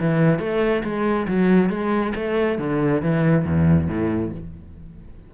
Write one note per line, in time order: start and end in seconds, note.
0.00 0.40 E3
0.40 0.83 A3
0.84 1.27 G#3
1.28 1.70 F#3
1.70 2.13 G#3
2.15 2.58 A3
2.58 3.02 D3
3.02 3.45 E3
3.45 3.88 E2
3.88 4.31 A2